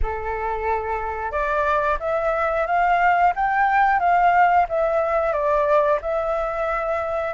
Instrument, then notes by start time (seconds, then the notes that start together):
flute
0.02 A4
1.31 D5
1.99 E5
2.66 F5
3.35 G5
3.99 F5
4.68 E5
5.32 D5
6.02 E5